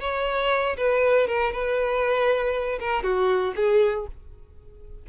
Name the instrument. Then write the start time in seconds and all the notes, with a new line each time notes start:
violin
0.00 C#5
0.77 B4
1.27 A#4
1.52 B4
2.80 A#4
3.03 F#4
3.55 G#4